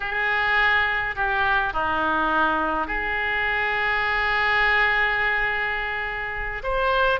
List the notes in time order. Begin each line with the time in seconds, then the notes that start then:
0.00 G#4
1.15 G4
1.73 D#4
2.87 G#4
6.63 C5